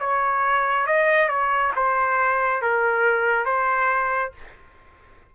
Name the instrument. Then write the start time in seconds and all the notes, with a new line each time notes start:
trumpet
0.00 C#5
0.87 D#5
1.29 C#5
1.76 C5
2.62 A#4
3.46 C5